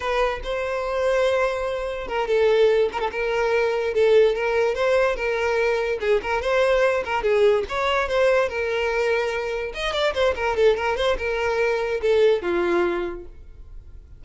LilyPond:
\new Staff \with { instrumentName = "violin" } { \time 4/4 \tempo 4 = 145 b'4 c''2.~ | c''4 ais'8 a'4. ais'16 a'16 ais'8~ | ais'4. a'4 ais'4 c''8~ | c''8 ais'2 gis'8 ais'8 c''8~ |
c''4 ais'8 gis'4 cis''4 c''8~ | c''8 ais'2. dis''8 | d''8 c''8 ais'8 a'8 ais'8 c''8 ais'4~ | ais'4 a'4 f'2 | }